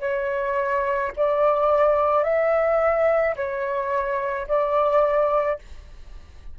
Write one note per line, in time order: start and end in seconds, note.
0.00 1.11 C#5
1.16 2.23 D5
2.23 3.34 E5
3.35 4.46 C#5
4.47 5.58 D5